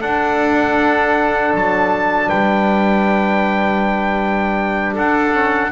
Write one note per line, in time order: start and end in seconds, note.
0.00 5.32 D4
0.00 1.54 D4
0.00 2.28 A4
0.00 1.53 F#5
1.54 2.30 F#3
1.54 2.29 A5
2.28 4.97 G3
2.28 4.94 B4
2.28 4.95 G5
4.94 5.72 D4
4.94 5.70 A4
4.94 5.72 F#5
5.32 5.70 C#4